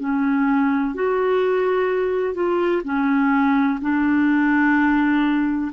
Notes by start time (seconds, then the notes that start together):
0.00 C#4
0.95 F#4
2.35 F4
2.84 C#4
3.81 D4